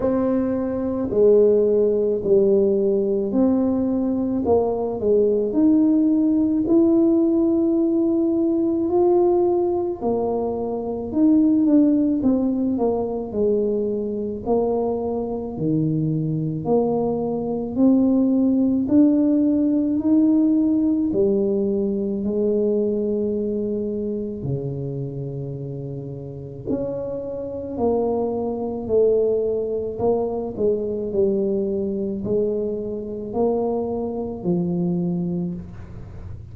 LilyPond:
\new Staff \with { instrumentName = "tuba" } { \time 4/4 \tempo 4 = 54 c'4 gis4 g4 c'4 | ais8 gis8 dis'4 e'2 | f'4 ais4 dis'8 d'8 c'8 ais8 | gis4 ais4 dis4 ais4 |
c'4 d'4 dis'4 g4 | gis2 cis2 | cis'4 ais4 a4 ais8 gis8 | g4 gis4 ais4 f4 | }